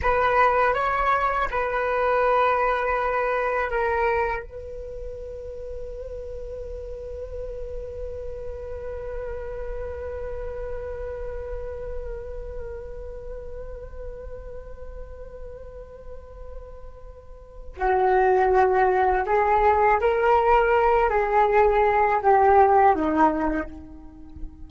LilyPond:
\new Staff \with { instrumentName = "flute" } { \time 4/4 \tempo 4 = 81 b'4 cis''4 b'2~ | b'4 ais'4 b'2~ | b'1~ | b'1~ |
b'1~ | b'1 | fis'2 gis'4 ais'4~ | ais'8 gis'4. g'4 dis'4 | }